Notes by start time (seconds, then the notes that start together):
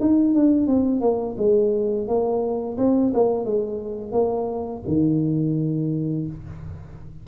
0.00 D#4
0.34 D4
0.67 C4
1.00 A#3
1.37 G#3
2.07 A#3
2.77 C4
3.14 A#3
3.45 G#3
4.12 A#3
4.87 D#3